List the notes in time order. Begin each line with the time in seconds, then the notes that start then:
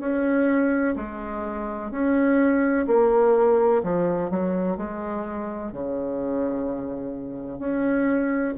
0.00 C#4
0.96 G#3
1.91 C#4
2.87 A#3
3.83 F3
4.30 F#3
4.77 G#3
5.72 C#3
7.59 C#4